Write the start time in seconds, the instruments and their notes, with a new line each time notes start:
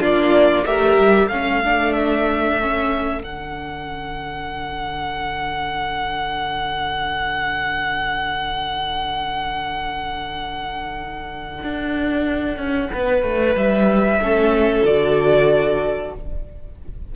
0.00 cello A#3, viola D4, violin F4 D5
0.66 cello A3, viola G4, violin A#4 E5
0.98 cello G3
1.28 cello A3, viola C#4, violin A4 F5
1.65 viola D4
1.93 violin E5
2.61 viola C#4
3.22 cello D3, viola D4, violin F#5
11.64 cello D4
12.57 cello C#4
12.93 cello B3, violin B4
13.23 cello A3
13.55 cello G3, violin E5
14.20 cello A3, viola C#4, violin A4
14.83 cello D3, viola F#4, violin D5